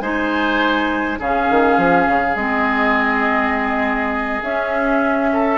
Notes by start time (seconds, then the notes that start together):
0.00 G#3 D#4 C5 G#5
1.19 C#3 C#4 G#4 F5
1.50 D#3
1.77 F3
2.08 C#3
2.36 G#3 C4 D#5
4.42 C#4 E5
5.33 A4